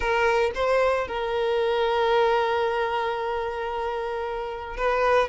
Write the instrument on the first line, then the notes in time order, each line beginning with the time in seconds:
violin
0.00 A#4
0.55 C5
1.07 A#4
4.76 B4